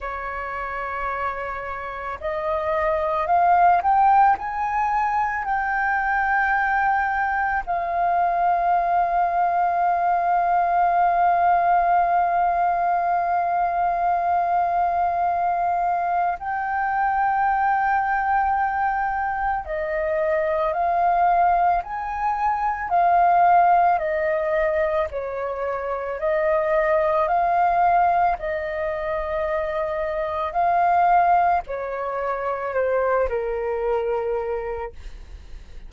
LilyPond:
\new Staff \with { instrumentName = "flute" } { \time 4/4 \tempo 4 = 55 cis''2 dis''4 f''8 g''8 | gis''4 g''2 f''4~ | f''1~ | f''2. g''4~ |
g''2 dis''4 f''4 | gis''4 f''4 dis''4 cis''4 | dis''4 f''4 dis''2 | f''4 cis''4 c''8 ais'4. | }